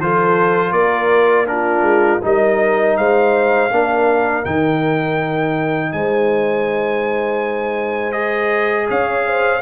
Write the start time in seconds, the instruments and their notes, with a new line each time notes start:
0.00 tuba F3, trombone F4, horn A4, trumpet C5
0.72 tuba A#3, horn A#4, trumpet D5
1.47 trombone D4, horn F4, trumpet A#4
1.82 tuba G#3
2.22 tuba G3, trombone D#4, horn A#4, trumpet D#5
2.97 tuba G#3, horn C5, trumpet F5
3.71 tuba A#3, trombone D4, horn A#4
4.43 tuba D#3, trombone D#4, trumpet G5
5.93 tuba G#3, horn C5, trumpet G#5
8.12 trombone G#4, trumpet D#5
8.89 tuba C#4, horn C#5, trumpet F5
9.27 horn C5